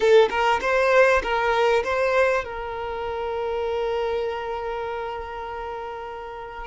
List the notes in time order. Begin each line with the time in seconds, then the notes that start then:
0.00 A4
0.29 A#4
0.61 C5
1.22 A#4
1.83 C5
2.44 A#4